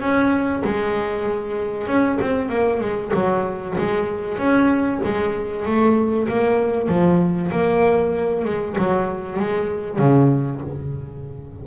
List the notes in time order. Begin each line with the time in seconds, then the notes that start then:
0.00 C#4
0.64 G#3
1.87 C#4
2.21 C4
2.49 A#3
2.80 G#3
3.14 F#3
3.78 G#3
4.38 C#4
5.04 G#3
5.65 A3
6.28 A#3
6.88 F3
7.51 A#3
8.45 G#3
8.78 F#3
9.39 G#3
9.98 C#3